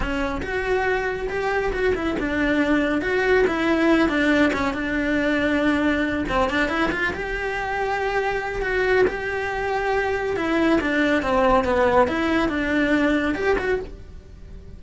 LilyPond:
\new Staff \with { instrumentName = "cello" } { \time 4/4 \tempo 4 = 139 cis'4 fis'2 g'4 | fis'8 e'8 d'2 fis'4 | e'4. d'4 cis'8 d'4~ | d'2~ d'8 c'8 d'8 e'8 |
f'8 g'2.~ g'8 | fis'4 g'2. | e'4 d'4 c'4 b4 | e'4 d'2 g'8 fis'8 | }